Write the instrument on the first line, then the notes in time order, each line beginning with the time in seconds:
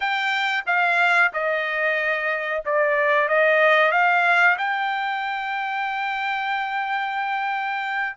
trumpet
0.00 G5
0.66 F5
1.33 D#5
2.65 D5
3.28 D#5
3.91 F5
4.57 G5